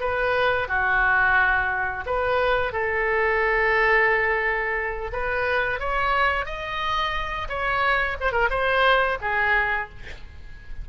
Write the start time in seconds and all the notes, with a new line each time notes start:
0.00 B4
0.68 F#4
2.06 B4
2.73 A4
5.12 B4
5.80 C#5
6.46 D#5
7.49 C#5
8.20 C5
8.32 A#4
8.50 C5
9.21 G#4